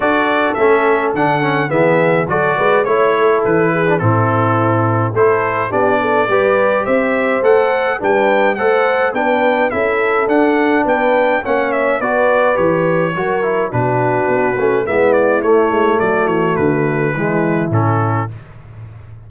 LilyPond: <<
  \new Staff \with { instrumentName = "trumpet" } { \time 4/4 \tempo 4 = 105 d''4 e''4 fis''4 e''4 | d''4 cis''4 b'4 a'4~ | a'4 c''4 d''2 | e''4 fis''4 g''4 fis''4 |
g''4 e''4 fis''4 g''4 | fis''8 e''8 d''4 cis''2 | b'2 e''8 d''8 cis''4 | d''8 cis''8 b'2 a'4 | }
  \new Staff \with { instrumentName = "horn" } { \time 4/4 a'2. gis'4 | a'8 b'8 cis''8 a'4 gis'8 e'4~ | e'4 a'4 g'8 a'8 b'4 | c''2 b'4 c''4 |
b'4 a'2 b'4 | cis''4 b'2 ais'4 | fis'2 e'2 | fis'2 e'2 | }
  \new Staff \with { instrumentName = "trombone" } { \time 4/4 fis'4 cis'4 d'8 cis'8 b4 | fis'4 e'4.~ e'16 d'16 c'4~ | c'4 e'4 d'4 g'4~ | g'4 a'4 d'4 a'4 |
d'4 e'4 d'2 | cis'4 fis'4 g'4 fis'8 e'8 | d'4. cis'8 b4 a4~ | a2 gis4 cis'4 | }
  \new Staff \with { instrumentName = "tuba" } { \time 4/4 d'4 a4 d4 e4 | fis8 gis8 a4 e4 a,4~ | a,4 a4 b4 g4 | c'4 a4 g4 a4 |
b4 cis'4 d'4 b4 | ais4 b4 e4 fis4 | b,4 b8 a8 gis4 a8 gis8 | fis8 e8 d4 e4 a,4 | }
>>